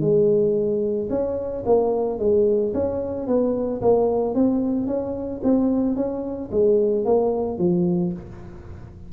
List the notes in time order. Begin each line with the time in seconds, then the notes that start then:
0.00 G#3
1.10 C#4
1.66 A#3
2.19 G#3
2.73 C#4
3.27 B3
3.81 A#3
4.34 C4
4.87 C#4
5.43 C4
5.96 C#4
6.51 G#3
7.05 A#3
7.58 F3